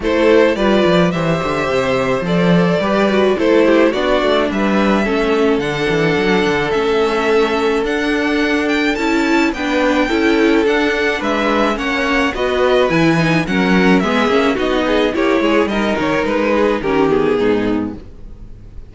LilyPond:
<<
  \new Staff \with { instrumentName = "violin" } { \time 4/4 \tempo 4 = 107 c''4 d''4 e''2 | d''2 c''4 d''4 | e''2 fis''2 | e''2 fis''4. g''8 |
a''4 g''2 fis''4 | e''4 fis''4 dis''4 gis''4 | fis''4 e''4 dis''4 cis''4 | dis''8 cis''8 b'4 ais'8 gis'4. | }
  \new Staff \with { instrumentName = "violin" } { \time 4/4 a'4 b'4 c''2~ | c''4 b'4 a'8 g'8 fis'4 | b'4 a'2.~ | a'1~ |
a'4 b'4 a'2 | b'4 cis''4 b'2 | ais'4 gis'4 fis'8 gis'8 g'8 gis'8 | ais'4. gis'8 g'4 dis'4 | }
  \new Staff \with { instrumentName = "viola" } { \time 4/4 e'4 f'4 g'2 | a'4 g'8 fis'8 e'4 d'4~ | d'4 cis'4 d'2 | cis'2 d'2 |
e'4 d'4 e'4 d'4~ | d'4 cis'4 fis'4 e'8 dis'8 | cis'4 b8 cis'8 dis'4 e'4 | dis'2 cis'8 b4. | }
  \new Staff \with { instrumentName = "cello" } { \time 4/4 a4 g8 f8 e8 d8 c4 | f4 g4 a4 b8 a8 | g4 a4 d8 e8 fis8 d8 | a2 d'2 |
cis'4 b4 cis'4 d'4 | gis4 ais4 b4 e4 | fis4 gis8 ais8 b4 ais8 gis8 | g8 dis8 gis4 dis4 gis,4 | }
>>